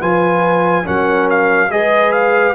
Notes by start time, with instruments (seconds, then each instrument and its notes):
0.00 tuba F3, trombone F4, horn B4, trumpet G#5
0.85 tuba F#3, trombone C#4, horn A#4, trumpet F#5
1.30 trumpet F5
1.71 tuba G#3, trombone G#4, horn B4, trumpet D#5
2.12 trumpet F5